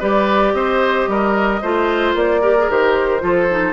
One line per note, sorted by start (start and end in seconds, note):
0.00 0.54 G3
0.00 1.62 G4
0.00 0.54 B4
0.00 0.54 D5
0.54 1.07 C4
0.54 1.10 C5
0.54 2.15 D#5
1.08 1.61 G3
1.08 1.62 A#4
1.62 2.15 A3
1.62 2.42 F4
1.62 2.42 C5
2.15 2.68 A#3
2.15 2.70 D5
2.42 2.56 G4
2.42 3.22 A#4
2.59 2.70 G#4
2.70 3.22 D#3
2.70 3.20 G4
2.70 3.73 C5
3.20 3.73 F3
3.20 3.47 F4
3.20 3.73 A4
3.50 3.73 D#4